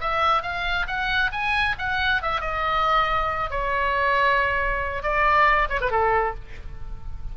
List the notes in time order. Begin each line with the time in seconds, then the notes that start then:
0.00 E5
0.42 F5
0.87 F#5
1.32 G#5
1.78 F#5
2.22 E5
2.40 D#5
3.50 C#5
5.02 D5
5.69 C#5
5.81 B4
5.91 A4